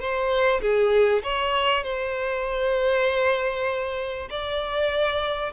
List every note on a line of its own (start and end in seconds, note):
0.00 0.61 C5
0.62 1.23 G#4
1.24 1.84 C#5
1.84 4.29 C5
4.31 5.53 D5